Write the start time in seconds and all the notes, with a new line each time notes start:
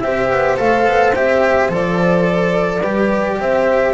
0.00 C4 G4 C5 E5
0.29 B3
0.56 A3 A4 F5
0.86 B3
1.14 C4 G4 E5
1.68 F3 A4 D5
2.80 G3 G4 B4
3.39 C4 C5 E5